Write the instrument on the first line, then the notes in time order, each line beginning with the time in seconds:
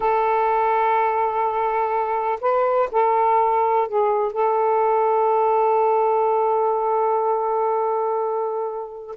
saxophone
0.00 A4
2.40 B4
2.91 A4
3.88 G#4
4.32 A4